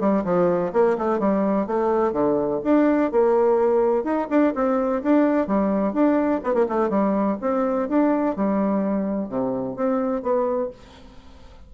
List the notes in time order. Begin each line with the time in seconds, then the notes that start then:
0.00 G3
0.25 F3
0.73 A#3
0.98 A3
1.19 G3
1.67 A3
2.13 D3
2.64 D4
3.12 A#3
4.04 D#4
4.30 D4
4.55 C4
5.03 D4
5.47 G3
5.93 D4
6.44 B3
6.54 A#3
6.69 A3
6.90 G3
7.41 C4
7.89 D4
8.36 G3
9.29 C3
9.76 C4
10.23 B3